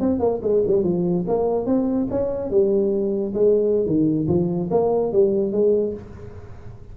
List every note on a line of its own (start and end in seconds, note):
0.00 0.20 C4
0.20 0.40 A#3
0.42 0.63 G#3
0.67 0.83 G3
0.83 1.25 F3
1.28 1.66 A#3
1.66 2.08 C4
2.10 2.50 C#4
2.50 3.34 G3
3.34 3.86 G#3
3.86 4.28 D#3
4.28 4.70 F3
4.71 5.12 A#3
5.12 5.52 G3
5.52 5.94 G#3